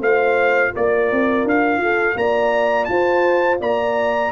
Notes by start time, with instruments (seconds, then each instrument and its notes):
0.00 tuba A3, trombone F4, horn C5, trumpet F5
0.74 tuba A#3, horn A#4, trumpet D5
1.12 tuba C4
1.45 tuba D4, trumpet F5
1.77 tuba F4, horn A4
2.16 tuba A#3, horn D5, trumpet A#5
2.85 tuba F4, horn C5, trumpet A5
3.60 tuba A#3, horn D5, trumpet A#5